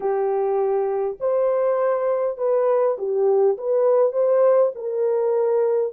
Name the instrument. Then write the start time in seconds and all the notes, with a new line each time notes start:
horn
0.00 G4
1.19 C5
2.37 B4
2.97 G4
3.57 B4
4.12 C5
4.75 A#4